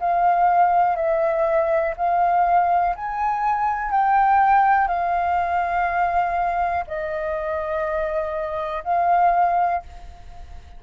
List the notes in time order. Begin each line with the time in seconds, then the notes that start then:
0.00 F5
0.96 E5
1.97 F5
2.96 G#5
3.91 G5
4.87 F5
6.87 D#5
8.84 F5